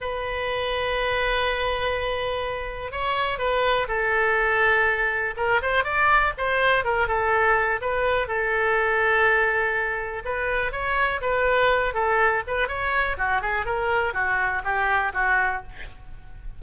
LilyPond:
\new Staff \with { instrumentName = "oboe" } { \time 4/4 \tempo 4 = 123 b'1~ | b'2 cis''4 b'4 | a'2. ais'8 c''8 | d''4 c''4 ais'8 a'4. |
b'4 a'2.~ | a'4 b'4 cis''4 b'4~ | b'8 a'4 b'8 cis''4 fis'8 gis'8 | ais'4 fis'4 g'4 fis'4 | }